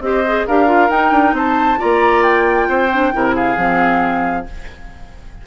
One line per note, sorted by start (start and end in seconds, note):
0.00 0.44 C4
0.00 0.25 G4
0.00 0.46 D#5
0.06 0.47 C5
0.27 0.49 G#4
0.47 0.90 D4
0.47 0.66 G4
0.47 1.35 A#4
0.47 0.90 F5
0.66 0.89 F4
0.90 1.11 D#4
0.90 1.78 D#4
0.90 1.35 G5
1.11 1.33 D4
1.33 1.77 C4
1.33 1.79 C5
1.33 1.81 A5
1.78 2.68 A#3
1.78 2.89 F4
1.78 2.68 D5
1.78 2.23 A#5
2.23 3.34 G5
2.68 3.13 C4
2.68 3.13 C5
2.92 3.13 D4
3.13 3.57 C3
3.13 3.57 E4
3.13 3.35 A#4
3.35 4.46 G#4
3.35 4.47 F5
3.57 4.46 F3
3.57 4.46 C4